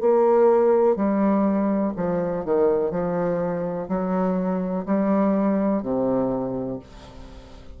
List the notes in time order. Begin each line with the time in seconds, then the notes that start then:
0.00 A#3
0.95 G3
1.96 F3
2.45 D#3
2.90 F3
3.88 F#3
4.85 G3
5.82 C3